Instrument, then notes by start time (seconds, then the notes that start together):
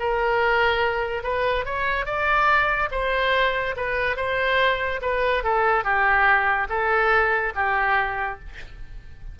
oboe
0.00 A#4
1.24 B4
1.66 C#5
2.06 D5
2.92 C5
3.77 B4
4.17 C5
5.02 B4
5.44 A4
5.84 G4
6.70 A4
7.56 G4